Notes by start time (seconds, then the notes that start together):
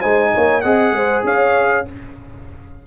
0.00 G#3 D#4 C5 G#5
0.34 A#3 C#5
0.61 C4 G#4 D#5 F#5
0.92 G#3 C5
1.23 C#4 C#5 F5